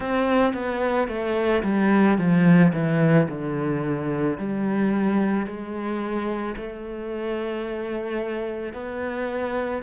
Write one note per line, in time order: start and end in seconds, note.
0.00 0.53 C4
0.53 1.08 B3
1.08 1.62 A3
1.63 2.18 G3
2.18 2.72 F3
2.73 3.27 E3
3.28 4.37 D3
4.37 5.46 G3
5.46 6.55 G#3
6.57 8.73 A3
8.73 9.82 B3